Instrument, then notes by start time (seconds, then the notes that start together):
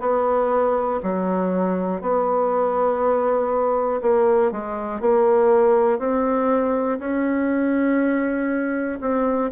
bassoon
0.00 B3
1.03 F#3
2.01 B3
4.01 A#3
4.51 G#3
5.00 A#3
5.99 C4
7.00 C#4
9.00 C4